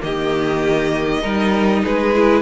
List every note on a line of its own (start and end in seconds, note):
0.00 1.23 D#3
0.00 1.21 A#3
0.00 1.22 G4
0.00 1.85 D#5
1.22 1.84 G3
1.22 2.13 D#4
1.22 1.83 A#4
1.84 2.42 G#3
1.84 2.42 G#4
1.84 2.42 B4
2.15 2.42 E4